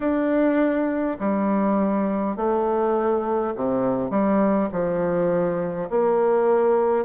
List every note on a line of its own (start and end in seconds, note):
0.00 1.17 D4
1.19 2.36 G3
2.36 3.53 A3
3.55 4.10 C3
4.10 4.69 G3
4.72 5.89 F3
5.90 7.05 A#3